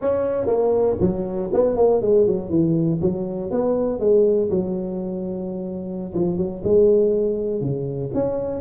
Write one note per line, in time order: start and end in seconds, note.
0.01 0.46 C#4
0.46 0.96 A#3
1.00 1.50 F#3
1.52 1.76 B3
1.76 2.01 A#3
2.01 2.26 G#3
2.26 2.49 F#3
2.49 2.99 E3
3.01 3.50 F#3
3.50 3.99 B3
3.99 4.49 G#3
4.50 6.12 F#3
6.14 6.37 F3
6.37 6.62 F#3
6.63 7.60 G#3
7.60 8.10 C#3
8.14 8.60 C#4